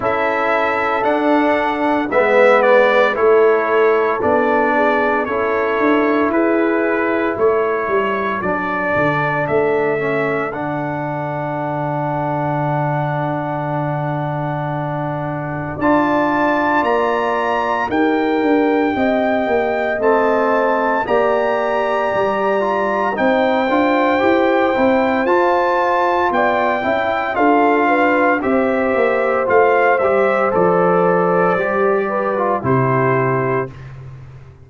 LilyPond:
<<
  \new Staff \with { instrumentName = "trumpet" } { \time 4/4 \tempo 4 = 57 e''4 fis''4 e''8 d''8 cis''4 | d''4 cis''4 b'4 cis''4 | d''4 e''4 fis''2~ | fis''2. a''4 |
ais''4 g''2 a''4 | ais''2 g''2 | a''4 g''4 f''4 e''4 | f''8 e''8 d''2 c''4 | }
  \new Staff \with { instrumentName = "horn" } { \time 4/4 a'2 b'4 a'4~ | a'8 gis'8 a'4 gis'4 a'4~ | a'1~ | a'2. d''4~ |
d''4 ais'4 dis''2 | d''2 c''2~ | c''4 d''8 e''8 a'8 b'8 c''4~ | c''2~ c''8 b'8 g'4 | }
  \new Staff \with { instrumentName = "trombone" } { \time 4/4 e'4 d'4 b4 e'4 | d'4 e'2. | d'4. cis'8 d'2~ | d'2. f'4~ |
f'4 g'2 c'4 | g'4. f'8 dis'8 f'8 g'8 e'8 | f'4. e'8 f'4 g'4 | f'8 g'8 a'4 g'8. f'16 e'4 | }
  \new Staff \with { instrumentName = "tuba" } { \time 4/4 cis'4 d'4 gis4 a4 | b4 cis'8 d'8 e'4 a8 g8 | fis8 d8 a4 d2~ | d2. d'4 |
ais4 dis'8 d'8 c'8 ais8 a4 | ais4 g4 c'8 d'8 e'8 c'8 | f'4 b8 cis'8 d'4 c'8 ais8 | a8 g8 f4 g4 c4 | }
>>